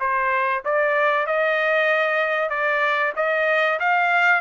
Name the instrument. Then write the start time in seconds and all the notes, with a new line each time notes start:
trumpet
0.00 C5
0.65 D5
1.26 D#5
2.50 D5
3.16 D#5
3.80 F5